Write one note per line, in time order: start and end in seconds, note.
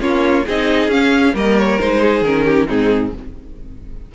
0.00 0.45 A#3
0.00 0.44 C#4
0.00 0.45 F4
0.00 0.46 C#5
0.45 0.88 C4
0.45 0.91 D#4
0.45 1.34 G#4
0.45 0.91 D#5
0.88 1.32 C#4
0.88 1.34 C#4
0.88 1.35 F5
1.34 1.78 G3
1.34 1.79 A#3
1.34 2.01 A#4
1.34 1.58 D#5
1.58 1.80 C#5
1.79 2.22 G#3
1.79 2.23 D#4
1.79 2.24 C5
2.01 2.45 G#4
2.22 2.66 D#3
2.22 2.67 C#4
2.22 2.68 A#4
2.45 2.67 G4
2.67 3.14 G#2
2.67 3.12 C4
2.67 3.11 D#4
2.67 3.14 G#4